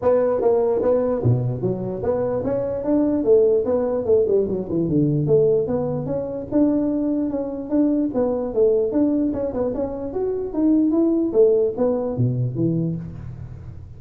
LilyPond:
\new Staff \with { instrumentName = "tuba" } { \time 4/4 \tempo 4 = 148 b4 ais4 b4 b,4 | fis4 b4 cis'4 d'4 | a4 b4 a8 g8 fis8 e8 | d4 a4 b4 cis'4 |
d'2 cis'4 d'4 | b4 a4 d'4 cis'8 b8 | cis'4 fis'4 dis'4 e'4 | a4 b4 b,4 e4 | }